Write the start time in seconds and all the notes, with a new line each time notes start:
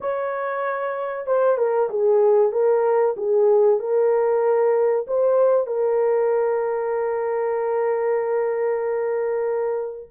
0.00 C#5
1.26 C5
1.57 A#4
1.89 G#4
2.52 A#4
3.16 G#4
3.79 A#4
5.07 C5
5.67 A#4